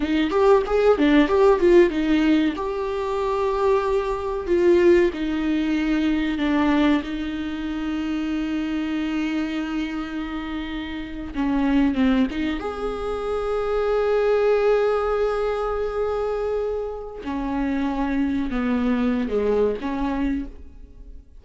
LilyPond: \new Staff \with { instrumentName = "viola" } { \time 4/4 \tempo 4 = 94 dis'8 g'8 gis'8 d'8 g'8 f'8 dis'4 | g'2. f'4 | dis'2 d'4 dis'4~ | dis'1~ |
dis'4.~ dis'16 cis'4 c'8 dis'8 gis'16~ | gis'1~ | gis'2. cis'4~ | cis'4 b4~ b16 gis8. cis'4 | }